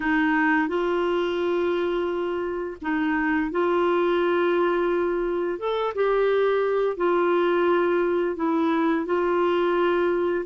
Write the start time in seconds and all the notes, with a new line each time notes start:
0.00 D#4
0.68 F4
2.81 D#4
3.51 F4
5.58 A4
5.94 G4
6.96 F4
8.36 E4
9.05 F4